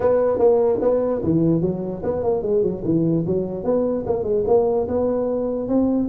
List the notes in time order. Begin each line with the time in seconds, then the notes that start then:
0.00 B3
0.38 A#3
0.81 B3
1.23 E3
1.61 F#3
2.03 B3
2.23 A#3
2.42 G#3
2.62 F#3
2.84 E3
3.26 F#3
3.64 B3
4.06 A#3
4.23 G#3
4.47 A#3
4.87 B3
5.68 C4